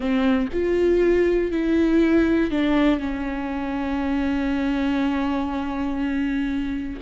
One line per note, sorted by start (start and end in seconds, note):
0.00 0.48 C4
0.53 1.51 F4
1.51 2.50 E4
2.50 2.99 D4
2.99 6.99 C#4